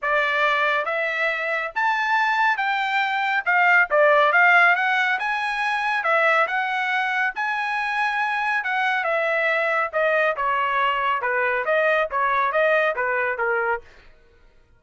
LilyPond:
\new Staff \with { instrumentName = "trumpet" } { \time 4/4 \tempo 4 = 139 d''2 e''2 | a''2 g''2 | f''4 d''4 f''4 fis''4 | gis''2 e''4 fis''4~ |
fis''4 gis''2. | fis''4 e''2 dis''4 | cis''2 b'4 dis''4 | cis''4 dis''4 b'4 ais'4 | }